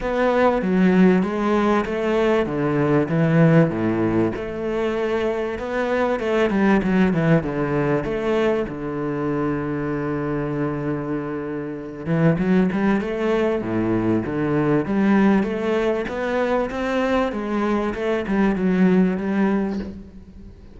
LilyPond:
\new Staff \with { instrumentName = "cello" } { \time 4/4 \tempo 4 = 97 b4 fis4 gis4 a4 | d4 e4 a,4 a4~ | a4 b4 a8 g8 fis8 e8 | d4 a4 d2~ |
d2.~ d8 e8 | fis8 g8 a4 a,4 d4 | g4 a4 b4 c'4 | gis4 a8 g8 fis4 g4 | }